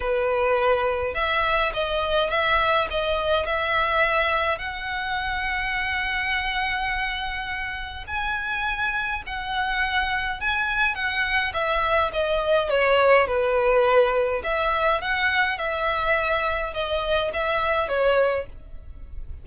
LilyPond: \new Staff \with { instrumentName = "violin" } { \time 4/4 \tempo 4 = 104 b'2 e''4 dis''4 | e''4 dis''4 e''2 | fis''1~ | fis''2 gis''2 |
fis''2 gis''4 fis''4 | e''4 dis''4 cis''4 b'4~ | b'4 e''4 fis''4 e''4~ | e''4 dis''4 e''4 cis''4 | }